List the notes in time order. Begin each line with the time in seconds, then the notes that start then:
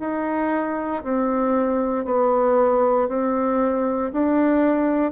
0.00 D#4
1.03 C4
2.05 B3
3.08 C4
4.13 D4